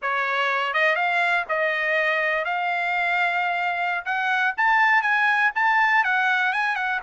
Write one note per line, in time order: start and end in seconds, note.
0.02 0.73 C#5
0.73 0.95 D#5
0.95 1.44 F5
1.48 2.45 D#5
2.45 4.04 F5
4.05 4.54 F#5
4.57 5.02 A5
5.02 5.51 G#5
5.55 6.04 A5
6.04 6.53 F#5
6.53 6.75 G#5
6.75 7.00 F#5